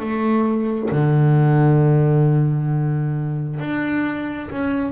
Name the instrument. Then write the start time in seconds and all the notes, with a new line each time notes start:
double bass
0.00 A3
0.92 D3
3.60 D4
4.51 C#4